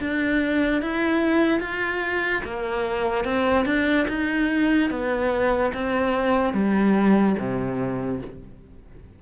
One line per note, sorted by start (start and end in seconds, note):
0.00 0.82 D4
0.82 1.60 E4
1.60 2.42 F4
2.44 3.25 A#3
3.25 3.65 C4
3.65 4.06 D4
4.08 4.90 D#4
4.90 5.72 B3
5.74 6.53 C4
6.53 7.36 G3
7.39 8.22 C3